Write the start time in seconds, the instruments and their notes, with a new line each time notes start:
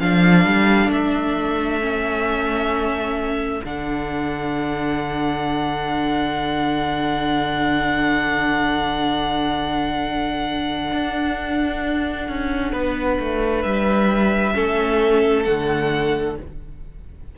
0.00 cello F3, viola D4, violin A4 F5
0.45 cello G3
0.88 cello A3, violin E5
1.81 viola C#4
3.64 cello D3, viola D4, violin F#5
10.92 cello D4
12.28 cello C#4
12.72 cello B3, violin B4
13.20 cello A3
13.61 cello G3, violin E5
14.54 cello A3, viola C#4, violin A4
15.44 cello D3, viola A3, violin F#5